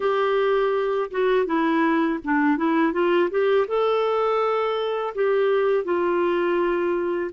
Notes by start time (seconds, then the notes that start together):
0.00 G4
1.10 F#4
1.46 E4
2.24 D4
2.57 E4
2.93 F4
3.30 G4
3.67 A4
5.15 G4
5.84 F4